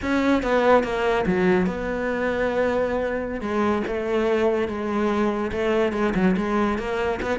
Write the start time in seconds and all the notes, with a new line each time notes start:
0.02 C#4
0.42 B3
0.83 A#3
1.26 F#3
1.66 B3
3.41 G#3
3.87 A3
4.68 G#3
5.52 A3
5.92 G#3
6.15 F#3
6.37 G#3
6.78 A#3
7.22 B3